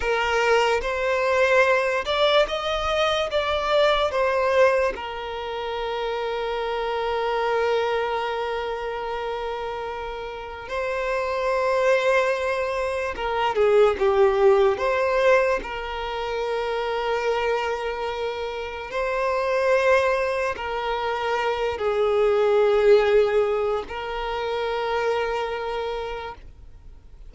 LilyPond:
\new Staff \with { instrumentName = "violin" } { \time 4/4 \tempo 4 = 73 ais'4 c''4. d''8 dis''4 | d''4 c''4 ais'2~ | ais'1~ | ais'4 c''2. |
ais'8 gis'8 g'4 c''4 ais'4~ | ais'2. c''4~ | c''4 ais'4. gis'4.~ | gis'4 ais'2. | }